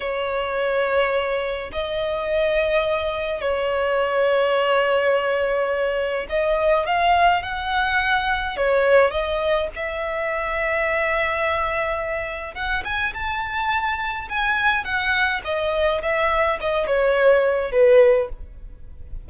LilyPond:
\new Staff \with { instrumentName = "violin" } { \time 4/4 \tempo 4 = 105 cis''2. dis''4~ | dis''2 cis''2~ | cis''2. dis''4 | f''4 fis''2 cis''4 |
dis''4 e''2.~ | e''2 fis''8 gis''8 a''4~ | a''4 gis''4 fis''4 dis''4 | e''4 dis''8 cis''4. b'4 | }